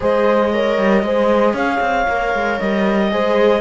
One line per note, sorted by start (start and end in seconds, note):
0.00 0.77 G#3
0.00 0.51 G#4
0.00 0.52 C5
0.00 1.55 D#5
0.52 1.04 A#4
0.52 1.03 C#5
0.77 1.02 G3
1.02 1.53 G#3
1.02 2.08 G#4
1.02 1.53 C5
1.53 1.79 C#4
1.53 3.08 C#5
1.53 2.59 F5
1.80 2.06 C4
2.08 2.34 A#3
2.08 3.11 A#4
2.34 2.59 G#3
2.59 3.12 G3
2.59 3.61 D#5
3.11 3.61 G#3
3.11 3.61 G#4
3.11 3.61 C5